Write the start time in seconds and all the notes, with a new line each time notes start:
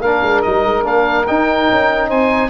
0.00 A#3 D4 A#4 F5
0.23 G#3
0.42 G3 D#4 D#5
0.65 G#3
0.84 A#3 D4 F5
1.27 D#4 G5
1.71 C#4
2.08 C4 C5 G#5